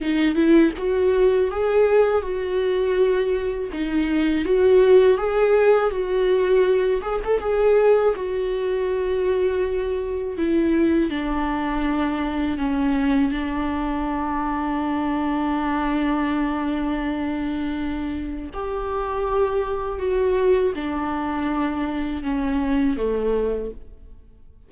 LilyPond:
\new Staff \with { instrumentName = "viola" } { \time 4/4 \tempo 4 = 81 dis'8 e'8 fis'4 gis'4 fis'4~ | fis'4 dis'4 fis'4 gis'4 | fis'4. gis'16 a'16 gis'4 fis'4~ | fis'2 e'4 d'4~ |
d'4 cis'4 d'2~ | d'1~ | d'4 g'2 fis'4 | d'2 cis'4 a4 | }